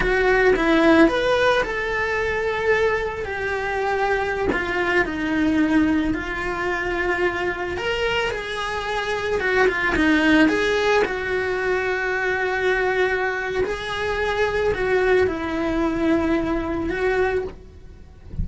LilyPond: \new Staff \with { instrumentName = "cello" } { \time 4/4 \tempo 4 = 110 fis'4 e'4 b'4 a'4~ | a'2 g'2~ | g'16 f'4 dis'2 f'8.~ | f'2~ f'16 ais'4 gis'8.~ |
gis'4~ gis'16 fis'8 f'8 dis'4 gis'8.~ | gis'16 fis'2.~ fis'8.~ | fis'4 gis'2 fis'4 | e'2. fis'4 | }